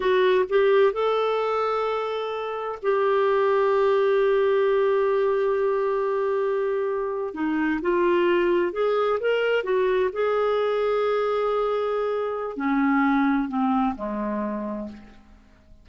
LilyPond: \new Staff \with { instrumentName = "clarinet" } { \time 4/4 \tempo 4 = 129 fis'4 g'4 a'2~ | a'2 g'2~ | g'1~ | g'2.~ g'8. dis'16~ |
dis'8. f'2 gis'4 ais'16~ | ais'8. fis'4 gis'2~ gis'16~ | gis'2. cis'4~ | cis'4 c'4 gis2 | }